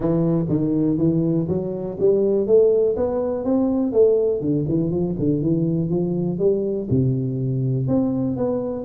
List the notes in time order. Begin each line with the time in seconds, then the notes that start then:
0.00 E3
0.48 D#3
0.97 E3
1.48 F#3
1.99 G3
2.46 A3
2.96 B3
3.44 C4
3.92 A3
4.40 D3
4.68 E3
4.90 F3
5.18 D3
5.41 E3
5.89 F3
6.38 G3
6.90 C3
7.87 C4
8.37 B3